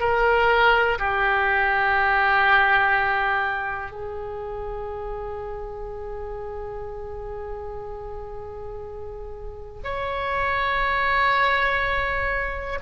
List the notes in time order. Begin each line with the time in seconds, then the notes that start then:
0.00 A#4
0.98 G4
3.92 G#4
9.84 C#5